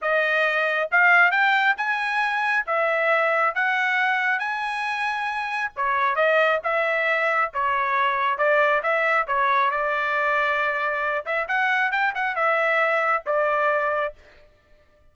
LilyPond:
\new Staff \with { instrumentName = "trumpet" } { \time 4/4 \tempo 4 = 136 dis''2 f''4 g''4 | gis''2 e''2 | fis''2 gis''2~ | gis''4 cis''4 dis''4 e''4~ |
e''4 cis''2 d''4 | e''4 cis''4 d''2~ | d''4. e''8 fis''4 g''8 fis''8 | e''2 d''2 | }